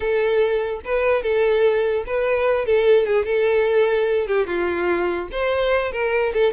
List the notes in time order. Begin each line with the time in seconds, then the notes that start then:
0.00 A4
0.85 B4
1.22 A4
2.06 B4
2.65 A4
3.06 G#4
3.25 A4
4.27 G4
4.47 F4
5.31 C5
5.91 A#4
6.33 A4